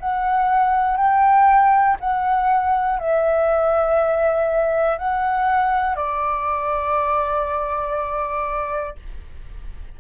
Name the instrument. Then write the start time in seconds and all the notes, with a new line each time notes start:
flute
0.00 F#5
0.97 G5
2.00 F#5
2.99 E5
4.98 F#5
5.96 D5